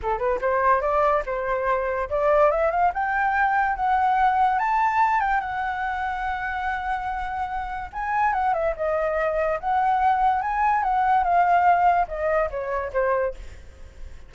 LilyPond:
\new Staff \with { instrumentName = "flute" } { \time 4/4 \tempo 4 = 144 a'8 b'8 c''4 d''4 c''4~ | c''4 d''4 e''8 f''8 g''4~ | g''4 fis''2 a''4~ | a''8 g''8 fis''2.~ |
fis''2. gis''4 | fis''8 e''8 dis''2 fis''4~ | fis''4 gis''4 fis''4 f''4~ | f''4 dis''4 cis''4 c''4 | }